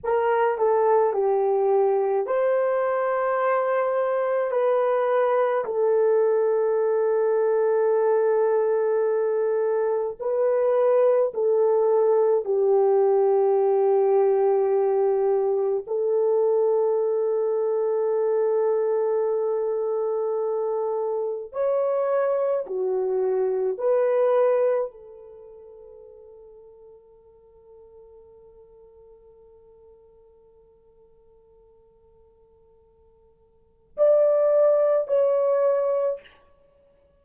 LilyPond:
\new Staff \with { instrumentName = "horn" } { \time 4/4 \tempo 4 = 53 ais'8 a'8 g'4 c''2 | b'4 a'2.~ | a'4 b'4 a'4 g'4~ | g'2 a'2~ |
a'2. cis''4 | fis'4 b'4 a'2~ | a'1~ | a'2 d''4 cis''4 | }